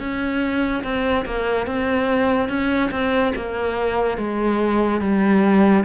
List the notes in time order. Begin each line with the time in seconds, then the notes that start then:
0.00 C#4
0.84 C4
1.26 A#3
1.67 C4
2.49 C#4
2.91 C4
3.36 A#3
4.18 G#3
5.01 G3